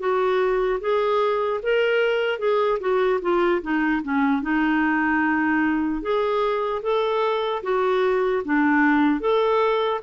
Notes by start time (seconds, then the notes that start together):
0.00 F#4
0.81 G#4
1.63 A#4
2.39 G#4
2.81 F#4
3.22 F4
3.63 D#4
4.03 C#4
4.43 D#4
6.03 G#4
6.83 A4
7.63 F#4
8.45 D4
9.21 A4